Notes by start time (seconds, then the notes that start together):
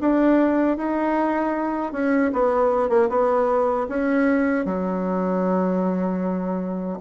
0.00 D4
0.77 D#4
1.92 C#4
2.32 B3
2.89 A#3
3.09 B3
3.89 C#4
4.65 F#3